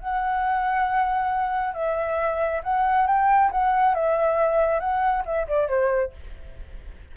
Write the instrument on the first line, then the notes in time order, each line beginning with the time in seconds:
flute
0.00 F#5
1.74 E5
2.64 F#5
3.07 G5
3.52 F#5
3.95 E5
4.80 F#5
5.26 E5
5.48 D5
5.68 C5